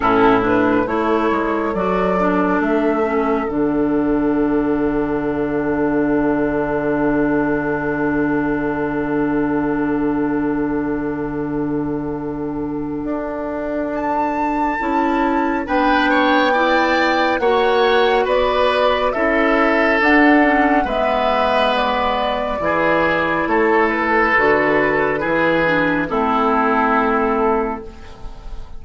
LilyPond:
<<
  \new Staff \with { instrumentName = "flute" } { \time 4/4 \tempo 4 = 69 a'8 b'8 cis''4 d''4 e''4 | fis''1~ | fis''1~ | fis''1 |
a''2 g''2 | fis''4 d''4 e''4 fis''4 | e''4 d''2 cis''8 b'8~ | b'2 a'2 | }
  \new Staff \with { instrumentName = "oboe" } { \time 4/4 e'4 a'2.~ | a'1~ | a'1~ | a'1~ |
a'2 b'8 cis''8 d''4 | cis''4 b'4 a'2 | b'2 gis'4 a'4~ | a'4 gis'4 e'2 | }
  \new Staff \with { instrumentName = "clarinet" } { \time 4/4 cis'8 d'8 e'4 fis'8 d'4 cis'8 | d'1~ | d'1~ | d'1~ |
d'4 e'4 d'4 e'4 | fis'2 e'4 d'8 cis'8 | b2 e'2 | fis'4 e'8 d'8 c'2 | }
  \new Staff \with { instrumentName = "bassoon" } { \time 4/4 a,4 a8 gis8 fis4 a4 | d1~ | d1~ | d2. d'4~ |
d'4 cis'4 b2 | ais4 b4 cis'4 d'4 | gis2 e4 a4 | d4 e4 a2 | }
>>